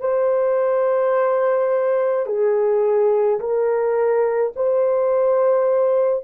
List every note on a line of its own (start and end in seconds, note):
0.00 2.26 C5
2.26 3.39 G#4
3.40 4.53 A#4
4.55 6.24 C5